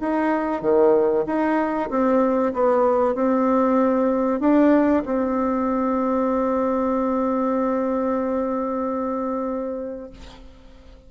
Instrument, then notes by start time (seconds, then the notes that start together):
bassoon
0.00 D#4
0.62 D#3
1.27 D#4
1.90 C4
2.54 B3
3.15 C4
4.40 D4
5.05 C4